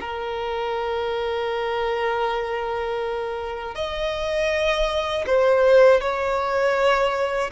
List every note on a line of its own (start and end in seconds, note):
0.00 3.74 A#4
3.74 5.24 D#5
5.26 6.00 C5
6.00 7.50 C#5